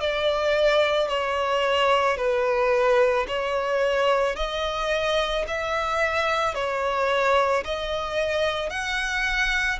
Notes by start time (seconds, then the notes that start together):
0.00 D5
1.08 C#5
2.17 B4
3.27 C#5
4.35 D#5
5.47 E5
6.54 C#5
7.64 D#5
8.69 F#5